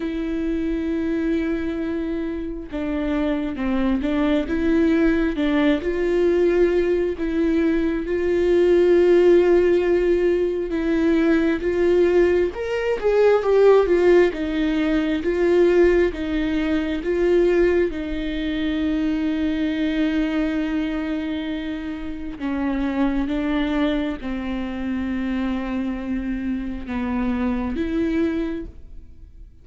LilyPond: \new Staff \with { instrumentName = "viola" } { \time 4/4 \tempo 4 = 67 e'2. d'4 | c'8 d'8 e'4 d'8 f'4. | e'4 f'2. | e'4 f'4 ais'8 gis'8 g'8 f'8 |
dis'4 f'4 dis'4 f'4 | dis'1~ | dis'4 cis'4 d'4 c'4~ | c'2 b4 e'4 | }